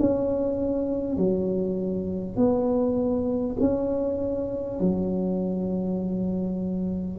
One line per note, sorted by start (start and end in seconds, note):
0.00 1.18 C#4
1.18 2.37 F#3
2.37 3.57 B3
3.61 4.81 C#4
4.81 7.19 F#3